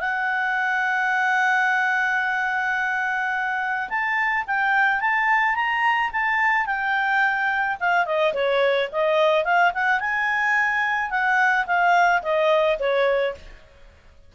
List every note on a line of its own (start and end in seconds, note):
0.00 3.89 F#5
3.90 4.45 A5
4.47 5.01 G5
5.01 5.55 A5
5.55 6.11 A#5
6.13 6.66 A5
6.66 7.77 G5
7.80 8.06 F5
8.06 8.33 D#5
8.34 8.89 C#5
8.92 9.44 D#5
9.44 9.72 F5
9.74 10.00 F#5
10.00 11.11 G#5
11.11 11.66 F#5
11.67 12.22 F5
12.22 12.78 D#5
12.79 13.35 C#5